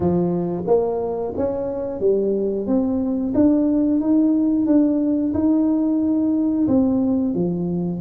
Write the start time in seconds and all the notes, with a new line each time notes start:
0.00 F3
0.66 A#3
1.37 C#4
2.00 G3
2.66 C4
3.34 D4
4.00 D#4
4.66 D4
5.33 D#4
6.67 C4
7.34 F3